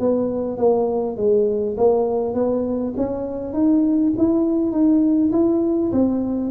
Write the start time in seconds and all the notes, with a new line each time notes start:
0.00 B3
0.58 A#3
1.17 G#3
1.78 A#3
2.35 B3
2.98 C#4
3.54 D#4
4.18 E4
4.72 D#4
5.33 E4
5.92 C4